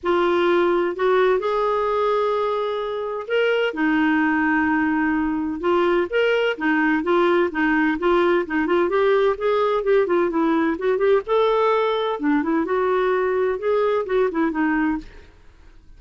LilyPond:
\new Staff \with { instrumentName = "clarinet" } { \time 4/4 \tempo 4 = 128 f'2 fis'4 gis'4~ | gis'2. ais'4 | dis'1 | f'4 ais'4 dis'4 f'4 |
dis'4 f'4 dis'8 f'8 g'4 | gis'4 g'8 f'8 e'4 fis'8 g'8 | a'2 d'8 e'8 fis'4~ | fis'4 gis'4 fis'8 e'8 dis'4 | }